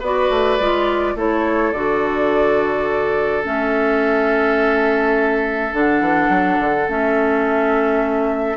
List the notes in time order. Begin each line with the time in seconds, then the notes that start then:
0.00 B3 F#4 B4 D5
0.30 A3
0.60 G#3 F4
1.16 A3 E4 A4 C#5
1.73 D3 F#4 D5
3.43 A3 C#4 E5
5.73 D3 D4 F#5
6.01 E3
6.30 F#3
6.60 D3
6.89 A3 C#4 E5